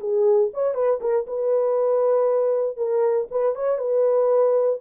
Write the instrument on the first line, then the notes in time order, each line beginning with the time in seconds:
horn
0.00 G#4
0.54 C#5
0.74 B4
1.01 A#4
1.27 B4
2.77 A#4
3.31 B4
3.55 C#5
3.78 B4